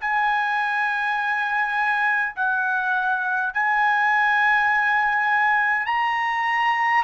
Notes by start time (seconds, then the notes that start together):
0.00 G#5
2.36 F#5
3.53 G#5
5.86 A#5